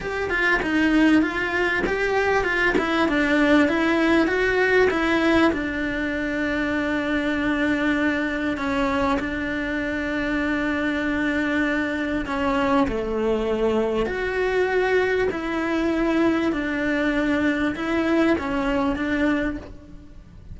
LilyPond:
\new Staff \with { instrumentName = "cello" } { \time 4/4 \tempo 4 = 98 g'8 f'8 dis'4 f'4 g'4 | f'8 e'8 d'4 e'4 fis'4 | e'4 d'2.~ | d'2 cis'4 d'4~ |
d'1 | cis'4 a2 fis'4~ | fis'4 e'2 d'4~ | d'4 e'4 cis'4 d'4 | }